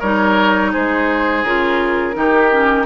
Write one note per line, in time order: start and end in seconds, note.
0.00 0.74 G3
0.00 1.46 D#4
0.00 0.71 A#4
0.00 0.72 C#5
0.73 1.44 G#3
0.73 2.16 G#4
0.73 1.45 C5
1.44 2.16 C#3
1.44 2.14 F4
1.44 2.86 A#4
2.14 2.86 D#3
2.14 2.49 D#4
2.14 2.86 G4
2.52 2.86 C#4